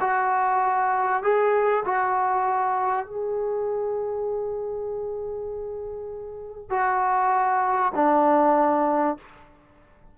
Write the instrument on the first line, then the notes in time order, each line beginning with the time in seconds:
trombone
0.00 F#4
1.22 G#4
1.85 F#4
3.06 G#4
6.70 F#4
7.95 D4